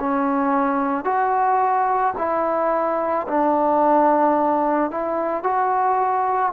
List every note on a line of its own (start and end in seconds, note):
0.00 1.05 C#4
1.05 2.14 F#4
2.18 3.27 E4
3.28 4.91 D4
4.91 5.44 E4
5.44 6.53 F#4